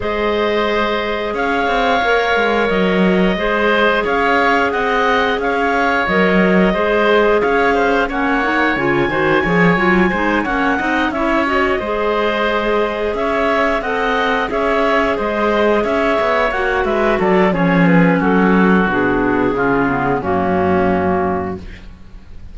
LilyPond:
<<
  \new Staff \with { instrumentName = "clarinet" } { \time 4/4 \tempo 4 = 89 dis''2 f''2 | dis''2 f''4 fis''4 | f''4 dis''2 f''4 | fis''4 gis''2~ gis''8 fis''8~ |
fis''8 e''8 dis''2~ dis''8 e''8~ | e''8 fis''4 e''4 dis''4 e''8~ | e''8 fis''8 e''8 d''8 cis''8 b'8 a'4 | gis'2 fis'2 | }
  \new Staff \with { instrumentName = "oboe" } { \time 4/4 c''2 cis''2~ | cis''4 c''4 cis''4 dis''4 | cis''2 c''4 cis''8 c''8 | cis''4. c''8 cis''4 c''8 cis''8 |
dis''8 cis''4 c''2 cis''8~ | cis''8 dis''4 cis''4 c''4 cis''8~ | cis''4 b'8 a'8 gis'4 fis'4~ | fis'4 f'4 cis'2 | }
  \new Staff \with { instrumentName = "clarinet" } { \time 4/4 gis'2. ais'4~ | ais'4 gis'2.~ | gis'4 ais'4 gis'2 | cis'8 dis'8 f'8 fis'8 gis'8 f'8 dis'8 cis'8 |
dis'8 e'8 fis'8 gis'2~ gis'8~ | gis'8 a'4 gis'2~ gis'8~ | gis'8 fis'4. cis'2 | d'4 cis'8 b8 ais2 | }
  \new Staff \with { instrumentName = "cello" } { \time 4/4 gis2 cis'8 c'8 ais8 gis8 | fis4 gis4 cis'4 c'4 | cis'4 fis4 gis4 cis'4 | ais4 cis8 dis8 f8 fis8 gis8 ais8 |
c'8 cis'4 gis2 cis'8~ | cis'8 c'4 cis'4 gis4 cis'8 | b8 ais8 gis8 fis8 f4 fis4 | b,4 cis4 fis,2 | }
>>